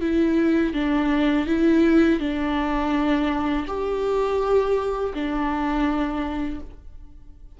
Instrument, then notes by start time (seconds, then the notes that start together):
viola
0.00 E4
0.74 D4
1.46 E4
2.19 D4
3.67 G4
5.14 D4